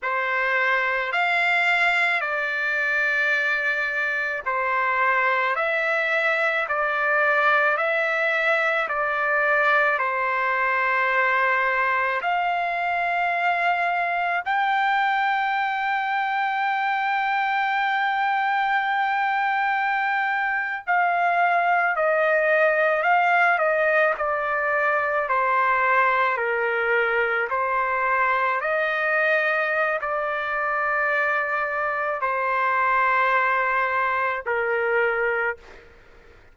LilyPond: \new Staff \with { instrumentName = "trumpet" } { \time 4/4 \tempo 4 = 54 c''4 f''4 d''2 | c''4 e''4 d''4 e''4 | d''4 c''2 f''4~ | f''4 g''2.~ |
g''2~ g''8. f''4 dis''16~ | dis''8. f''8 dis''8 d''4 c''4 ais'16~ | ais'8. c''4 dis''4~ dis''16 d''4~ | d''4 c''2 ais'4 | }